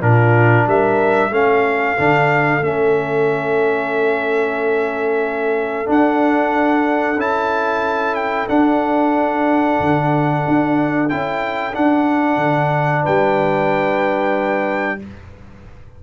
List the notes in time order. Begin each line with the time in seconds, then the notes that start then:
0.00 A#2 D4 F4 A#4
0.66 G3 A#4 E5
1.30 A3 C#4 A4 F5
1.97 D3 D4
2.60 A3 C#4 E5
5.86 D4 F#5
7.16 C#4 E4 A5
8.14 G5
8.48 D4 F#5
9.80 D3
10.47 D4
11.09 C#4 E4 G5
11.73 D4 F#5
12.37 D3
13.02 G3 B4 G5